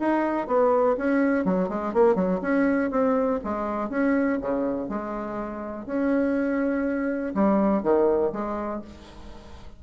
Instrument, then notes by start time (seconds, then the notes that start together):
bassoon
0.00 D#4
0.47 B3
0.97 C#4
1.45 F#3
1.69 G#3
1.94 A#3
2.15 F#3
2.42 C#4
2.91 C4
3.44 G#3
3.90 C#4
4.41 C#3
4.89 G#3
5.86 C#4
7.35 G3
7.83 D#3
8.33 G#3